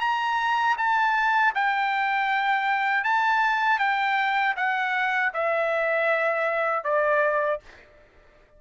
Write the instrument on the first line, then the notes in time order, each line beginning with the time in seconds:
trumpet
0.00 A#5
0.77 A5
1.55 G5
3.04 A5
3.79 G5
4.56 F#5
5.33 E5
6.84 D5